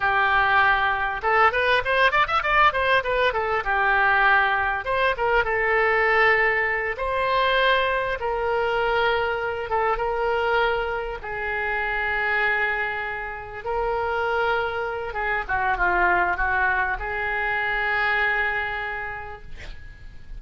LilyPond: \new Staff \with { instrumentName = "oboe" } { \time 4/4 \tempo 4 = 99 g'2 a'8 b'8 c''8 d''16 e''16 | d''8 c''8 b'8 a'8 g'2 | c''8 ais'8 a'2~ a'8 c''8~ | c''4. ais'2~ ais'8 |
a'8 ais'2 gis'4.~ | gis'2~ gis'8 ais'4.~ | ais'4 gis'8 fis'8 f'4 fis'4 | gis'1 | }